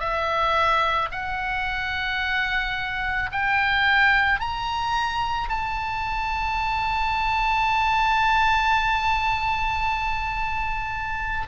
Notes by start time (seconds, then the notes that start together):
0.00 E5
1.12 F#5
3.32 G5
4.40 A#5
5.49 A5